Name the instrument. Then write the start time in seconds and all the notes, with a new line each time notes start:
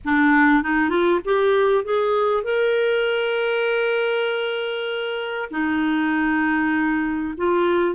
clarinet
0.04 D4
0.63 D#4
0.89 F4
1.24 G4
1.84 G#4
2.43 A#4
5.50 D#4
7.37 F4